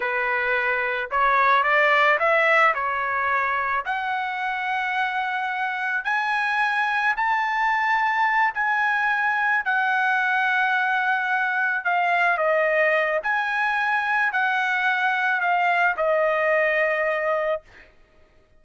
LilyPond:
\new Staff \with { instrumentName = "trumpet" } { \time 4/4 \tempo 4 = 109 b'2 cis''4 d''4 | e''4 cis''2 fis''4~ | fis''2. gis''4~ | gis''4 a''2~ a''8 gis''8~ |
gis''4. fis''2~ fis''8~ | fis''4. f''4 dis''4. | gis''2 fis''2 | f''4 dis''2. | }